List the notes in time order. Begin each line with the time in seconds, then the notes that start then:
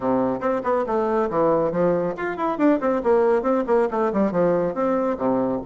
0.00 C3
0.40 C4
0.63 B3
0.86 A3
1.29 E3
1.71 F3
2.17 F4
2.36 E4
2.57 D4
2.80 C4
3.03 A#3
3.42 C4
3.66 A#3
3.90 A3
4.13 G3
4.31 F3
4.74 C4
5.17 C3